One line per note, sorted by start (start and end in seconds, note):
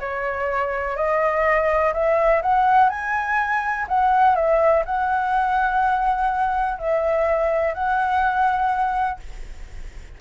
0.00 0.97 C#5
0.97 1.93 D#5
1.94 2.42 E5
2.42 2.90 F#5
2.90 3.86 G#5
3.88 4.35 F#5
4.35 4.84 E5
4.86 6.79 F#5
6.79 7.74 E5
7.74 9.20 F#5